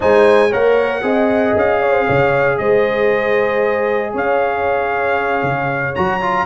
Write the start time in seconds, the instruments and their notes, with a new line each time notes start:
0.00 tuba G#3, trombone D#4, horn C5, trumpet G#5
0.49 tuba A#3, trombone A#4, horn C#5, trumpet F#5
1.02 tuba C4, trombone G#4, horn D#5
1.56 tuba C#4, trumpet F5
1.82 horn C#5
1.91 horn C5
2.06 tuba C#3, horn C#5
2.58 tuba G#3, horn C5, trumpet D#5
4.12 tuba C#4, horn C#5, trumpet F5
5.42 tuba C#3
5.95 tuba F#3, trombone F#4, trumpet A#5
6.21 trombone F4